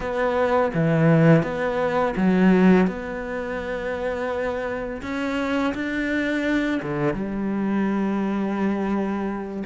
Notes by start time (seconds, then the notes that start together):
0.00 B3
0.73 E3
1.43 B3
2.16 F#3
2.87 B3
5.02 C#4
5.74 D4
6.82 D3
7.13 G3